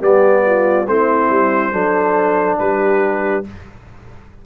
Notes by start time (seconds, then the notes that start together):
0.00 G3 B3 G4 D5
0.46 F4
0.87 A3 C4 E4 C5
1.30 G3
1.73 F#3 D4 A4
2.59 G3 G4 B4